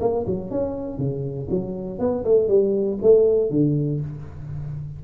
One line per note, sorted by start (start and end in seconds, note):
0.00 0.25 A#3
0.27 0.51 F#3
0.51 0.98 C#4
0.98 1.48 C#3
1.50 1.99 F#3
1.99 2.24 B3
2.25 2.48 A3
2.48 2.99 G3
3.02 3.50 A3
3.50 4.01 D3